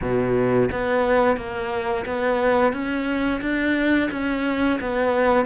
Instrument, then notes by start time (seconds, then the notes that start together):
cello
0.01 B2
0.71 B3
1.36 A#3
2.05 B3
2.72 C#4
3.41 D4
4.11 C#4
4.80 B3